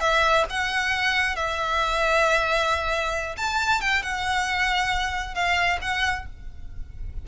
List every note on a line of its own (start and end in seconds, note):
0.00 0.44 E5
0.49 1.36 F#5
1.36 3.36 E5
3.37 3.81 A5
3.81 4.02 G5
4.02 5.35 F#5
5.35 5.79 F5
5.81 6.26 F#5